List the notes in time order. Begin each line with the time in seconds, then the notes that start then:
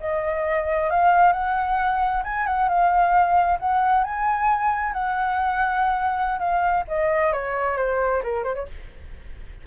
0.00 D#5
0.90 F5
1.33 F#5
2.24 G#5
2.46 F#5
2.68 F5
3.59 F#5
4.04 G#5
4.93 F#5
6.39 F5
6.88 D#5
7.33 C#5
7.77 C5
8.23 A#4
8.44 C5
8.54 C#5